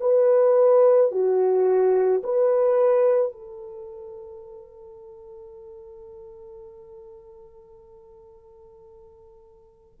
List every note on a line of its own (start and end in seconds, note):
0.00 1.11 B4
1.11 2.22 F#4
2.23 3.32 B4
3.32 9.98 A4